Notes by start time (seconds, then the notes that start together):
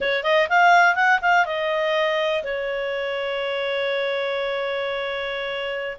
0.00 C#5
0.23 D#5
0.49 F5
0.95 F#5
1.21 F5
1.45 D#5
2.43 C#5